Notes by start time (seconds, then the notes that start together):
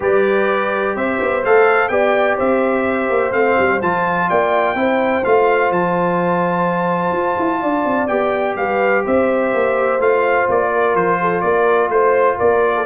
0.00 G3 G4 B4 D5
0.95 C4 C5 E5
1.20 B3
1.44 A3 A4 F5
1.88 B3 G4 D5 G5
2.36 C4 C5 E5
3.09 A#3
3.31 A3 C4 F5
3.59 G3
3.82 F3 F4 A5
4.28 A#3 D5 G5
4.74 C4 E4 C5
5.24 A3 F4 F5
5.70 F3 A5
7.12 F4
7.39 E4
7.61 D4 D5
7.84 C4
8.07 B3 G4 G5
8.55 G3 B4 F5
9.04 C4 C5 E5
9.54 A#3
9.99 A3 F4 F5
10.49 A#3 D5
10.72 A#4
10.94 F3 C5
11.20 A4
11.41 A#3 A#4 D5
11.89 A3 C5
12.37 A#3 A#4 D5
12.75 A4